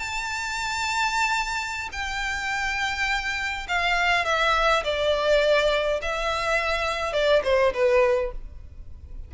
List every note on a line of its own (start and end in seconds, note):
0.00 1.89 A5
1.93 3.68 G5
3.69 4.26 F5
4.26 4.84 E5
4.85 6.01 D5
6.02 7.13 E5
7.13 7.42 D5
7.44 7.73 C5
7.74 8.32 B4